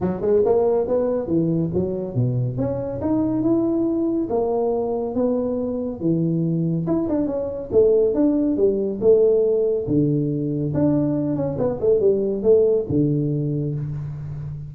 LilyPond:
\new Staff \with { instrumentName = "tuba" } { \time 4/4 \tempo 4 = 140 fis8 gis8 ais4 b4 e4 | fis4 b,4 cis'4 dis'4 | e'2 ais2 | b2 e2 |
e'8 d'8 cis'4 a4 d'4 | g4 a2 d4~ | d4 d'4. cis'8 b8 a8 | g4 a4 d2 | }